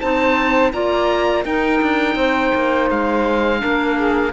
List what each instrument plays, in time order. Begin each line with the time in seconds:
0.00 cello C4, clarinet D#4, saxophone C5, oboe A5
0.72 cello A#3, clarinet F4, saxophone D5, oboe A#5
1.45 cello D#4, clarinet D#4, saxophone A#4, oboe G5
1.82 cello D4
2.15 cello C4, saxophone C5
2.55 cello A#3
2.90 cello G#3, oboe F5
3.59 clarinet D4, saxophone A#4
3.65 cello A#3
3.96 saxophone G#4